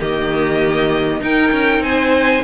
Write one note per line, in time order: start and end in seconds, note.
0.00 1.21 D#3
0.00 1.21 A#3
0.00 1.21 G4
0.00 1.22 D#5
1.21 1.52 D#4
1.21 2.43 D#4
1.21 1.83 A#4
1.21 1.83 G5
1.52 1.79 C#4
1.79 2.40 C4
1.79 2.44 C5
1.79 2.44 G#5